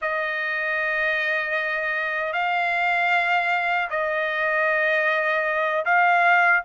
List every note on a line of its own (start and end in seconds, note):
0.01 2.32 D#5
2.32 3.88 F5
3.90 5.84 D#5
5.85 6.63 F5